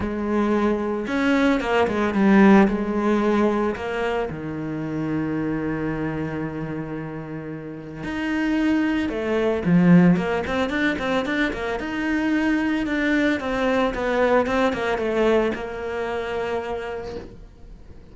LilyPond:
\new Staff \with { instrumentName = "cello" } { \time 4/4 \tempo 4 = 112 gis2 cis'4 ais8 gis8 | g4 gis2 ais4 | dis1~ | dis2. dis'4~ |
dis'4 a4 f4 ais8 c'8 | d'8 c'8 d'8 ais8 dis'2 | d'4 c'4 b4 c'8 ais8 | a4 ais2. | }